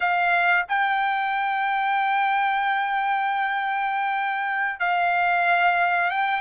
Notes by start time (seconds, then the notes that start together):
0.00 F5
0.68 G5
4.79 F5
6.10 G5